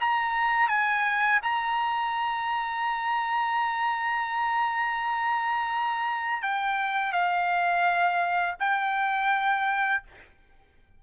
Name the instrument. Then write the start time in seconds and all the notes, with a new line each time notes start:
trumpet
0.00 A#5
0.68 G#5
1.42 A#5
6.42 G5
7.12 F5
8.59 G5